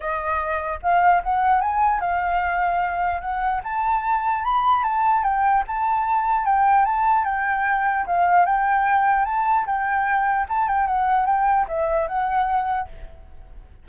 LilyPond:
\new Staff \with { instrumentName = "flute" } { \time 4/4 \tempo 4 = 149 dis''2 f''4 fis''4 | gis''4 f''2. | fis''4 a''2 b''4 | a''4 g''4 a''2 |
g''4 a''4 g''2 | f''4 g''2 a''4 | g''2 a''8 g''8 fis''4 | g''4 e''4 fis''2 | }